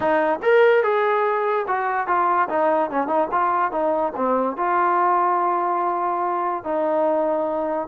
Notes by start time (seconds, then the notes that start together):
0.00 D#4
0.42 A#4
0.83 G#4
1.67 F#4
2.07 F4
2.48 D#4
2.90 C#4
3.07 D#4
3.31 F4
3.71 D#4
4.16 C4
4.56 F4
6.64 D#4